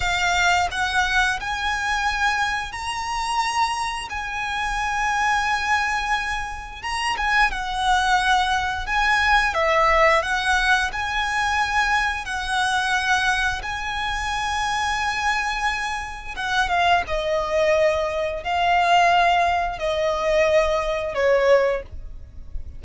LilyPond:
\new Staff \with { instrumentName = "violin" } { \time 4/4 \tempo 4 = 88 f''4 fis''4 gis''2 | ais''2 gis''2~ | gis''2 ais''8 gis''8 fis''4~ | fis''4 gis''4 e''4 fis''4 |
gis''2 fis''2 | gis''1 | fis''8 f''8 dis''2 f''4~ | f''4 dis''2 cis''4 | }